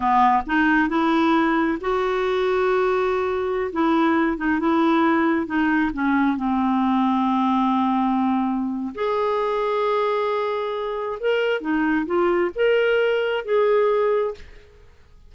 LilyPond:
\new Staff \with { instrumentName = "clarinet" } { \time 4/4 \tempo 4 = 134 b4 dis'4 e'2 | fis'1~ | fis'16 e'4. dis'8 e'4.~ e'16~ | e'16 dis'4 cis'4 c'4.~ c'16~ |
c'1 | gis'1~ | gis'4 ais'4 dis'4 f'4 | ais'2 gis'2 | }